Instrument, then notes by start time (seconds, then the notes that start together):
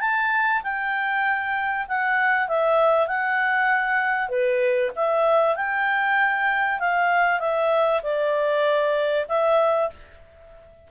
clarinet
0.00 A5
0.63 G5
1.88 F#5
2.48 E5
3.07 F#5
4.29 B4
4.95 E5
5.56 G5
6.80 F5
7.39 E5
8.03 D5
9.28 E5